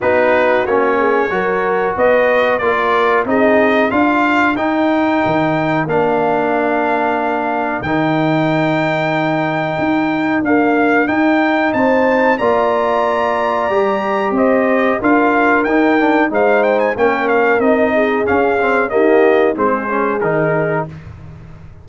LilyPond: <<
  \new Staff \with { instrumentName = "trumpet" } { \time 4/4 \tempo 4 = 92 b'4 cis''2 dis''4 | d''4 dis''4 f''4 g''4~ | g''4 f''2. | g''1 |
f''4 g''4 a''4 ais''4~ | ais''2 dis''4 f''4 | g''4 f''8 g''16 gis''16 g''8 f''8 dis''4 | f''4 dis''4 c''4 ais'4 | }
  \new Staff \with { instrumentName = "horn" } { \time 4/4 fis'4. gis'8 ais'4 b'4 | ais'4 gis'4 ais'2~ | ais'1~ | ais'1~ |
ais'2 c''4 d''4~ | d''2 c''4 ais'4~ | ais'4 c''4 ais'4. gis'8~ | gis'4 g'4 gis'2 | }
  \new Staff \with { instrumentName = "trombone" } { \time 4/4 dis'4 cis'4 fis'2 | f'4 dis'4 f'4 dis'4~ | dis'4 d'2. | dis'1 |
ais4 dis'2 f'4~ | f'4 g'2 f'4 | dis'8 d'8 dis'4 cis'4 dis'4 | cis'8 c'8 ais4 c'8 cis'8 dis'4 | }
  \new Staff \with { instrumentName = "tuba" } { \time 4/4 b4 ais4 fis4 b4 | ais4 c'4 d'4 dis'4 | dis4 ais2. | dis2. dis'4 |
d'4 dis'4 c'4 ais4~ | ais4 g4 c'4 d'4 | dis'4 gis4 ais4 c'4 | cis'4 dis'4 gis4 dis4 | }
>>